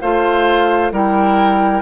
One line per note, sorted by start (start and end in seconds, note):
0.00 0.91 A3
0.00 0.92 F4
0.00 0.92 C5
0.00 0.91 F5
0.91 1.82 G3
0.91 1.82 E4
0.91 1.82 A#4
0.91 1.82 G5